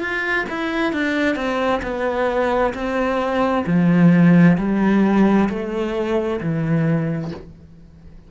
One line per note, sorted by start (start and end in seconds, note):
0.00 0.45 F4
0.50 0.93 E4
0.93 1.36 D4
1.36 1.81 C4
1.83 2.74 B3
2.74 3.65 C4
3.67 4.57 F3
4.58 5.49 G3
5.50 6.40 A3
6.41 7.32 E3